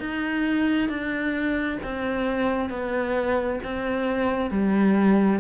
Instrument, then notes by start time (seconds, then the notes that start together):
cello
0.00 D#4
0.89 D4
1.84 C4
2.70 B3
3.64 C4
4.51 G3